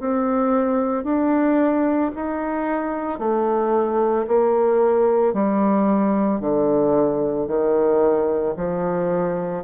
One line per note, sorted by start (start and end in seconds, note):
0.00 1.04 C4
1.04 2.11 D4
2.15 3.19 D#4
3.19 4.26 A3
4.27 5.33 A#3
5.33 6.40 G3
6.40 7.47 D3
7.47 8.54 D#3
8.56 9.63 F3